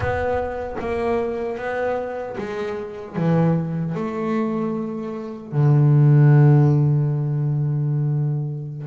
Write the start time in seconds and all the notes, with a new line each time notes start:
0.00 B3
0.79 A#3
1.57 B3
2.37 G#3
3.15 E3
3.94 A3
5.52 D3